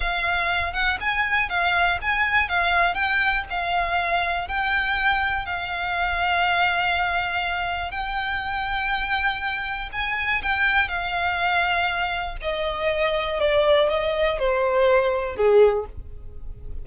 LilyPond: \new Staff \with { instrumentName = "violin" } { \time 4/4 \tempo 4 = 121 f''4. fis''8 gis''4 f''4 | gis''4 f''4 g''4 f''4~ | f''4 g''2 f''4~ | f''1 |
g''1 | gis''4 g''4 f''2~ | f''4 dis''2 d''4 | dis''4 c''2 gis'4 | }